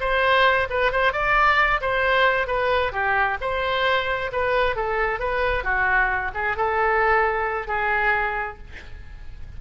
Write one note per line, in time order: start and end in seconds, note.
0.00 0.68 C5
0.70 0.92 B4
0.92 1.13 C5
1.13 1.80 D5
1.81 2.47 C5
2.47 2.92 B4
2.92 3.37 G4
3.41 4.31 C5
4.32 4.76 B4
4.76 5.19 A4
5.19 5.64 B4
5.64 6.31 F#4
6.34 6.56 G#4
6.56 7.68 A4
7.68 8.58 G#4